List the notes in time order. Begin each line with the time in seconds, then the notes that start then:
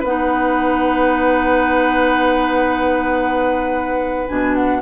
0.00 B3 B4 F#5
0.06 D#4
4.28 B2 D4 G#5
4.55 F#5